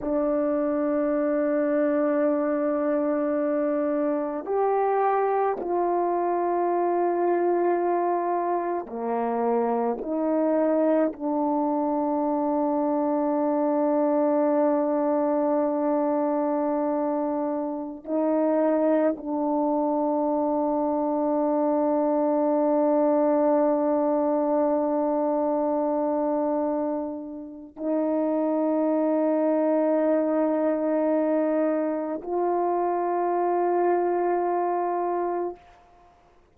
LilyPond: \new Staff \with { instrumentName = "horn" } { \time 4/4 \tempo 4 = 54 d'1 | g'4 f'2. | ais4 dis'4 d'2~ | d'1~ |
d'16 dis'4 d'2~ d'8.~ | d'1~ | d'4 dis'2.~ | dis'4 f'2. | }